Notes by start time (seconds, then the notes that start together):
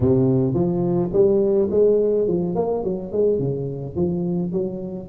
0.00 C3
0.54 F3
1.12 G3
1.70 G#3
2.27 F3
2.55 A#3
2.83 F#3
3.12 G#3
3.39 C#3
3.95 F3
4.52 F#3